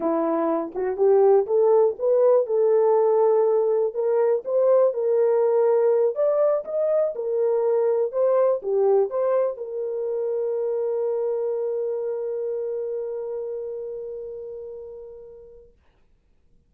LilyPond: \new Staff \with { instrumentName = "horn" } { \time 4/4 \tempo 4 = 122 e'4. fis'8 g'4 a'4 | b'4 a'2. | ais'4 c''4 ais'2~ | ais'8 d''4 dis''4 ais'4.~ |
ais'8 c''4 g'4 c''4 ais'8~ | ais'1~ | ais'1~ | ais'1 | }